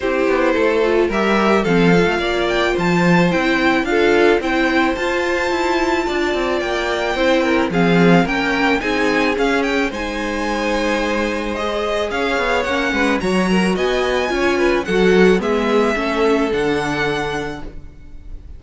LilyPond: <<
  \new Staff \with { instrumentName = "violin" } { \time 4/4 \tempo 4 = 109 c''2 e''4 f''4~ | f''8 g''8 a''4 g''4 f''4 | g''4 a''2. | g''2 f''4 g''4 |
gis''4 f''8 g''8 gis''2~ | gis''4 dis''4 f''4 fis''4 | ais''4 gis''2 fis''4 | e''2 fis''2 | }
  \new Staff \with { instrumentName = "violin" } { \time 4/4 g'4 a'4 ais'4 a'4 | d''4 c''2 a'4 | c''2. d''4~ | d''4 c''8 ais'8 gis'4 ais'4 |
gis'2 c''2~ | c''2 cis''4. b'8 | cis''8 ais'8 dis''4 cis''8 b'8 a'4 | gis'4 a'2. | }
  \new Staff \with { instrumentName = "viola" } { \time 4/4 e'4. f'8 g'4 c'8 f'8~ | f'2 e'4 f'4 | e'4 f'2.~ | f'4 e'4 c'4 cis'4 |
dis'4 cis'4 dis'2~ | dis'4 gis'2 cis'4 | fis'2 f'4 fis'4 | b4 cis'4 d'2 | }
  \new Staff \with { instrumentName = "cello" } { \time 4/4 c'8 b8 a4 g4 f8. a16 | ais4 f4 c'4 d'4 | c'4 f'4 e'4 d'8 c'8 | ais4 c'4 f4 ais4 |
c'4 cis'4 gis2~ | gis2 cis'8 b8 ais8 gis8 | fis4 b4 cis'4 fis4 | gis4 a4 d2 | }
>>